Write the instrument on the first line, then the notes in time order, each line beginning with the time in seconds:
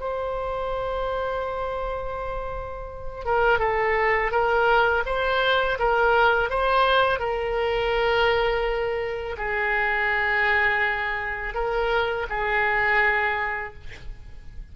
oboe
0.00 C5
3.25 A#4
3.59 A4
4.31 A#4
5.06 C5
5.79 A#4
6.50 C5
7.20 A#4
9.38 G#4
11.54 A#4
12.30 G#4